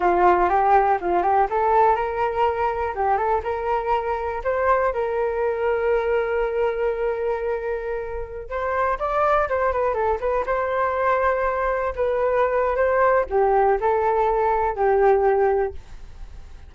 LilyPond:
\new Staff \with { instrumentName = "flute" } { \time 4/4 \tempo 4 = 122 f'4 g'4 f'8 g'8 a'4 | ais'2 g'8 a'8 ais'4~ | ais'4 c''4 ais'2~ | ais'1~ |
ais'4~ ais'16 c''4 d''4 c''8 b'16~ | b'16 a'8 b'8 c''2~ c''8.~ | c''16 b'4.~ b'16 c''4 g'4 | a'2 g'2 | }